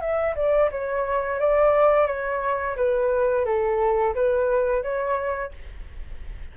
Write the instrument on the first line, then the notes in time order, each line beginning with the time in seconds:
flute
0.00 E5
0.35 D5
0.71 C#5
1.39 D5
2.07 C#5
2.76 B4
3.45 A4
4.14 B4
4.82 C#5